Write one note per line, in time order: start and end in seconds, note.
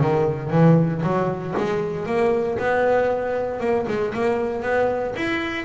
0.00 0.50 D#3
0.50 1.02 E3
1.03 1.54 F#3
1.57 2.06 G#3
2.06 2.58 A#3
2.58 3.60 B3
3.60 3.86 A#3
3.87 4.13 G#3
4.14 4.62 A#3
4.62 5.14 B3
5.16 5.65 E4